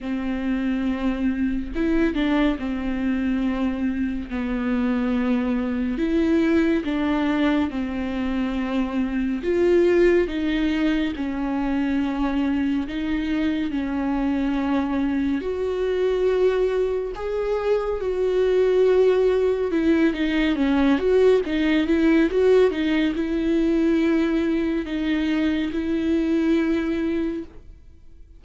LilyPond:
\new Staff \with { instrumentName = "viola" } { \time 4/4 \tempo 4 = 70 c'2 e'8 d'8 c'4~ | c'4 b2 e'4 | d'4 c'2 f'4 | dis'4 cis'2 dis'4 |
cis'2 fis'2 | gis'4 fis'2 e'8 dis'8 | cis'8 fis'8 dis'8 e'8 fis'8 dis'8 e'4~ | e'4 dis'4 e'2 | }